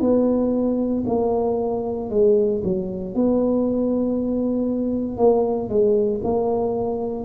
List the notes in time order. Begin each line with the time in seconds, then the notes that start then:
0.00 B3
1.06 A#3
2.10 G#3
2.63 F#3
3.14 B3
5.17 A#3
5.68 G#3
6.23 A#3